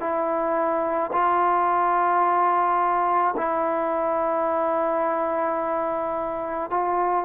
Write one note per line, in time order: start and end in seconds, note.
0.00 1.11 E4
1.13 3.35 F4
3.37 6.71 E4
6.71 7.25 F4